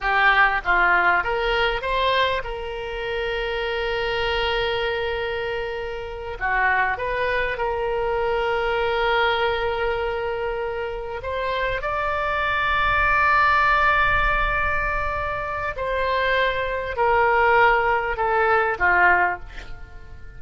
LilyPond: \new Staff \with { instrumentName = "oboe" } { \time 4/4 \tempo 4 = 99 g'4 f'4 ais'4 c''4 | ais'1~ | ais'2~ ais'8 fis'4 b'8~ | b'8 ais'2.~ ais'8~ |
ais'2~ ais'8 c''4 d''8~ | d''1~ | d''2 c''2 | ais'2 a'4 f'4 | }